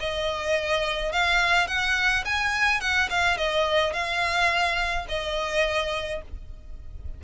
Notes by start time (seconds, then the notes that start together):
0.00 D#5
1.12 F5
1.68 F#5
2.25 G#5
2.81 F#5
3.10 F5
3.38 D#5
3.93 F5
5.09 D#5